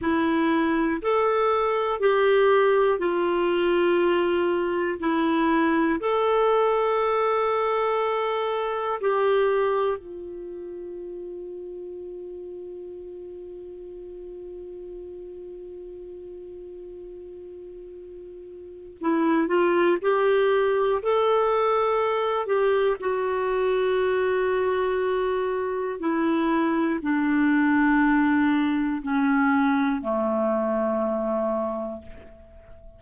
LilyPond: \new Staff \with { instrumentName = "clarinet" } { \time 4/4 \tempo 4 = 60 e'4 a'4 g'4 f'4~ | f'4 e'4 a'2~ | a'4 g'4 f'2~ | f'1~ |
f'2. e'8 f'8 | g'4 a'4. g'8 fis'4~ | fis'2 e'4 d'4~ | d'4 cis'4 a2 | }